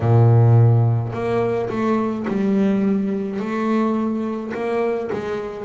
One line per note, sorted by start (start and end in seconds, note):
0.00 1.12 A#2
1.12 1.69 A#3
1.69 2.26 A3
2.27 3.40 G3
3.40 4.53 A3
4.53 5.10 A#3
5.12 5.64 G#3